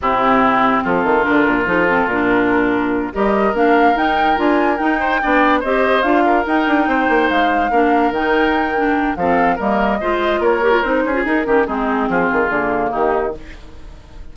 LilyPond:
<<
  \new Staff \with { instrumentName = "flute" } { \time 4/4 \tempo 4 = 144 g'2 a'4 ais'4 | a'4 ais'2~ ais'8 dis''8~ | dis''8 f''4 g''4 gis''4 g''8~ | g''4. dis''4 f''4 g''8~ |
g''4. f''2 g''8~ | g''2 f''4 dis''4~ | dis''4 cis''4 c''4 ais'4 | gis'2. g'4 | }
  \new Staff \with { instrumentName = "oboe" } { \time 4/4 e'2 f'2~ | f'2.~ f'8 ais'8~ | ais'1 | c''8 d''4 c''4. ais'4~ |
ais'8 c''2 ais'4.~ | ais'2 a'4 ais'4 | c''4 ais'4. gis'4 g'8 | dis'4 f'2 dis'4 | }
  \new Staff \with { instrumentName = "clarinet" } { \time 4/4 c'2. d'4 | dis'8 c'8 d'2~ d'8 g'8~ | g'8 d'4 dis'4 f'4 dis'8~ | dis'8 d'4 g'4 f'4 dis'8~ |
dis'2~ dis'8 d'4 dis'8~ | dis'4 d'4 c'4 ais4 | f'4. g'16 f'16 dis'8. f'16 dis'8 cis'8 | c'2 ais2 | }
  \new Staff \with { instrumentName = "bassoon" } { \time 4/4 c2 f8 dis8 d8 ais,8 | f4 ais,2~ ais,8 g8~ | g8 ais4 dis'4 d'4 dis'8~ | dis'8 b4 c'4 d'4 dis'8 |
d'8 c'8 ais8 gis4 ais4 dis8~ | dis2 f4 g4 | gis4 ais4 c'8 cis'8 dis'8 dis8 | gis4 f8 dis8 d4 dis4 | }
>>